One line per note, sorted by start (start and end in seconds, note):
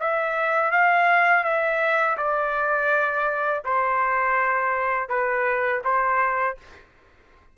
0.00 0.72 E5
0.72 1.44 F5
1.44 2.17 E5
2.18 3.64 D5
3.65 5.09 C5
5.09 5.82 B4
5.84 6.57 C5